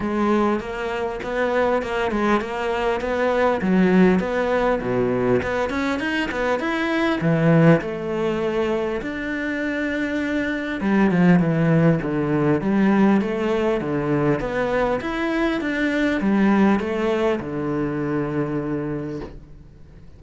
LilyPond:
\new Staff \with { instrumentName = "cello" } { \time 4/4 \tempo 4 = 100 gis4 ais4 b4 ais8 gis8 | ais4 b4 fis4 b4 | b,4 b8 cis'8 dis'8 b8 e'4 | e4 a2 d'4~ |
d'2 g8 f8 e4 | d4 g4 a4 d4 | b4 e'4 d'4 g4 | a4 d2. | }